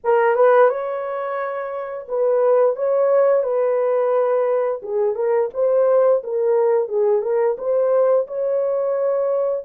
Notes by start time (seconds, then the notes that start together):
0.03 A#4
0.35 B4
0.69 C#5
2.08 B4
2.76 C#5
3.43 B4
4.82 G#4
5.15 A#4
5.53 C5
6.23 A#4
6.88 G#4
7.22 A#4
7.57 C5
8.27 C#5